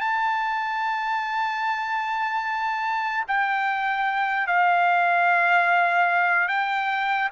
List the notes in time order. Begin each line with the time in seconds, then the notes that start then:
0.00 A5
3.28 G5
4.47 F5
6.48 G5